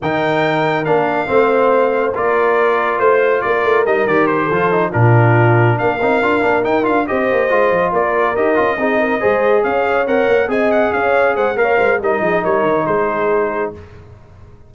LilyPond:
<<
  \new Staff \with { instrumentName = "trumpet" } { \time 4/4 \tempo 4 = 140 g''2 f''2~ | f''4 d''2 c''4 | d''4 dis''8 d''8 c''4. ais'8~ | ais'4. f''2 g''8 |
f''8 dis''2 d''4 dis''8~ | dis''2~ dis''8 f''4 fis''8~ | fis''8 gis''8 fis''8 f''4 fis''8 f''4 | dis''4 cis''4 c''2 | }
  \new Staff \with { instrumentName = "horn" } { \time 4/4 ais'2. c''4~ | c''4 ais'2 c''4 | ais'2~ ais'8 a'4 f'8~ | f'4. ais'2~ ais'8~ |
ais'8 c''2 ais'4.~ | ais'8 gis'8 ais'8 c''4 cis''4.~ | cis''8 dis''4 cis''4 c''8 cis''8 c''8 | ais'8 gis'8 ais'4 gis'2 | }
  \new Staff \with { instrumentName = "trombone" } { \time 4/4 dis'2 d'4 c'4~ | c'4 f'2.~ | f'4 dis'8 g'4 f'8 dis'8 d'8~ | d'2 dis'8 f'8 d'8 dis'8 |
f'8 g'4 f'2 g'8 | f'8 dis'4 gis'2 ais'8~ | ais'8 gis'2~ gis'8 ais'4 | dis'1 | }
  \new Staff \with { instrumentName = "tuba" } { \time 4/4 dis2 ais4 a4~ | a4 ais2 a4 | ais8 a8 g8 dis4 f4 ais,8~ | ais,4. ais8 c'8 d'8 ais8 dis'8 |
d'8 c'8 ais8 gis8 f8 ais4 dis'8 | cis'8 c'4 gis4 cis'4 c'8 | ais8 c'4 cis'4 gis8 ais8 gis8 | g8 f8 g8 dis8 gis2 | }
>>